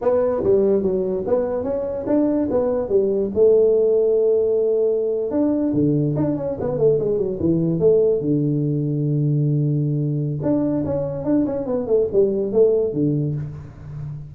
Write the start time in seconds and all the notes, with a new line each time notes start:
0.01 B3
0.43 G3
0.82 F#3
1.27 B3
1.63 C#4
2.06 D4
2.50 B3
2.88 G3
3.34 A3
5.30 D4
5.73 D3
6.16 D4
6.37 C#4
6.60 B3
6.78 A3
6.99 G#3
7.18 F#3
7.39 E3
7.79 A3
8.21 D3
10.42 D4
10.85 C#4
11.24 D4
11.46 C#4
11.66 B3
11.87 A3
12.12 G3
12.52 A3
12.93 D3